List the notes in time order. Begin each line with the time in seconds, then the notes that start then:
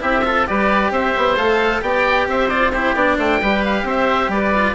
0.00 C4 E4 G4 E5
0.24 F4 A4
0.47 G3 G4 B4 D5
0.91 C4 C5 E5
1.17 B3
1.37 A3 A4 F5
1.82 B3 G4 D5 G5
2.27 C4 C5 E5
2.49 F4 D5
2.72 E4 G4 C5
2.95 B3 D4 D5
3.17 A3 C5 G5
3.41 G3 G4 B4
3.65 F5
3.83 C4 C5 E5
4.28 G3 B4 D5
4.55 F4